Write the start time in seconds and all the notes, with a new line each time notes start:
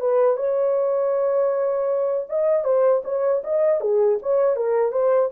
0.00 B4
0.36 C#5
2.29 D#5
2.64 C5
3.04 C#5
3.43 D#5
3.80 G#4
4.22 C#5
4.56 A#4
4.91 C5